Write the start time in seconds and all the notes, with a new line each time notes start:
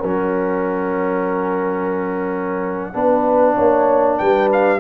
0.00 F#3 C#4 A#4 F#5
2.94 B3 D4 B4
3.55 A#3 C#5
4.18 G3 B4 G5
4.53 F5